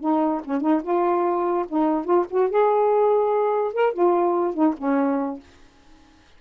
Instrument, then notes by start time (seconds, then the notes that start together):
saxophone
0.00 D#4
0.44 C#4
0.61 D#4
0.83 F4
1.68 D#4
2.05 F4
2.30 F#4
2.50 G#4
3.74 A#4
3.93 F4
4.54 D#4
4.78 C#4